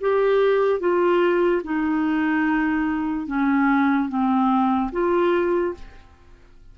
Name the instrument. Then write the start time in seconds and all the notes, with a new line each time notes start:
clarinet
0.00 G4
0.80 F4
1.63 D#4
3.27 C#4
4.08 C4
4.92 F4